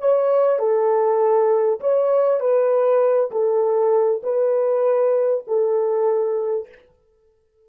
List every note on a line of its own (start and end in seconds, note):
0.00 0.59 C#5
0.59 1.80 A4
1.81 2.40 C#5
2.40 3.31 B4
3.31 4.22 A4
4.24 5.45 B4
5.48 6.69 A4